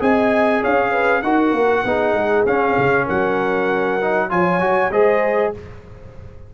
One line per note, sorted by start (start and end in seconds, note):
0.00 0.62 C4
0.00 1.22 G#4
0.00 0.62 D#5
0.00 0.64 G#5
0.62 1.23 C#4
0.62 0.92 C#5
0.62 1.22 F5
0.92 1.22 B4
1.22 1.53 D#4
1.22 1.86 F#4
1.22 1.85 A#4
1.22 2.45 F#5
1.53 1.83 A#3
1.85 2.14 B3
1.85 2.47 D#4
1.85 3.05 G#4
2.14 2.44 G#3
2.46 2.76 C#4
2.46 4.01 C#4
2.46 3.08 F5
2.78 3.08 C#3
3.05 4.31 F#3
3.05 4.28 A#4
3.05 4.31 F#5
4.01 4.30 D#4
4.30 4.59 F3
4.30 4.60 F4
4.30 4.92 C#5
4.30 4.92 G#5
4.59 4.90 F#3
4.59 4.91 F#4
4.91 5.52 G#3
4.91 5.54 G#4
4.91 5.53 C5
4.91 5.53 D#5